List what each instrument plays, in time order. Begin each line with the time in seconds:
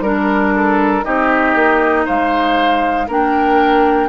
0.00 bassoon G3, clarinet D4, oboe A#4, flute A#4
0.55 oboe A4
1.03 bassoon C4, clarinet D#4, oboe G4, flute D#5
1.54 bassoon A#3
2.05 bassoon G#3, oboe C5, flute F5
3.07 bassoon A#3, clarinet D4, oboe A#4, flute G5